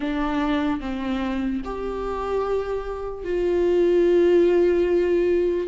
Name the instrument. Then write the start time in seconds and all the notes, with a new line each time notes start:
viola
0.00 D4
0.80 C4
1.64 G4
3.24 F4